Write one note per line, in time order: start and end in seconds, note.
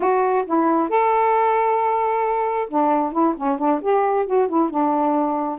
0.00 0.45 F#4
0.46 0.89 E4
0.89 2.68 A4
2.69 3.12 D4
3.12 3.34 E4
3.36 3.58 C#4
3.58 3.80 D4
3.81 4.26 G4
4.26 4.48 F#4
4.48 4.70 E4
4.70 5.58 D4